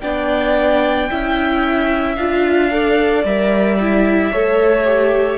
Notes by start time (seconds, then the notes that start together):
0.00 B3 D4 D5 G5
1.10 C#4 E4 E5
2.16 D4 F4 F5
2.71 A4 D5
3.24 G3 A#4 E5
3.80 E4
4.32 A3 A4 C#5
4.85 G4